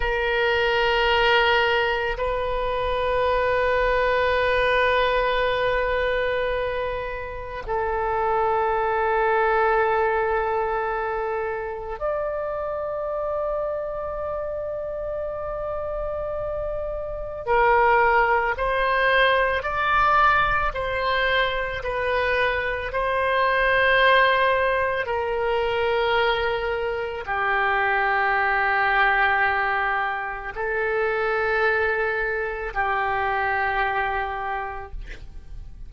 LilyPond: \new Staff \with { instrumentName = "oboe" } { \time 4/4 \tempo 4 = 55 ais'2 b'2~ | b'2. a'4~ | a'2. d''4~ | d''1 |
ais'4 c''4 d''4 c''4 | b'4 c''2 ais'4~ | ais'4 g'2. | a'2 g'2 | }